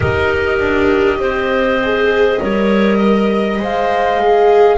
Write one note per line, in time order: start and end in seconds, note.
0.00 0.59 D#4
0.00 1.78 G4
0.00 1.20 A#4
0.00 3.60 D#5
0.59 1.19 D4
1.19 2.39 C4
1.19 2.40 C5
1.82 2.40 G#4
2.40 3.58 G3
2.40 3.60 A#4
2.40 2.96 C#5
2.96 4.76 D#5
3.58 4.78 G#3
3.58 4.20 C5
3.58 4.78 F5
4.20 4.78 G#4